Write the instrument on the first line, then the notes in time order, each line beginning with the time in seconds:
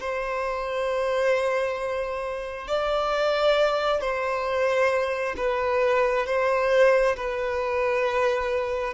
violin
0.00 C5
2.68 D5
4.01 C5
5.36 B4
6.26 C5
7.16 B4